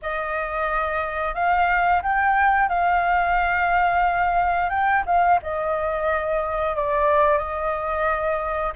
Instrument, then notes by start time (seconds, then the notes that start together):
flute
0.02 D#5
1.34 F5
2.02 G5
2.68 F5
4.69 G5
5.06 F5
5.42 D#5
6.76 D5
7.38 D#5